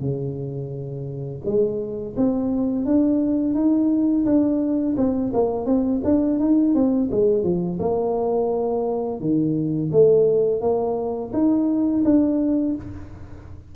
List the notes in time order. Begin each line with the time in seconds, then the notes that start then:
0.00 C#3
1.45 G#3
2.16 C4
2.85 D4
3.54 D#4
4.25 D4
4.97 C4
5.33 A#3
5.66 C4
6.04 D4
6.39 D#4
6.74 C4
7.11 G#3
7.43 F3
7.79 A#3
9.20 D#3
9.92 A3
10.61 A#3
11.33 D#4
12.04 D4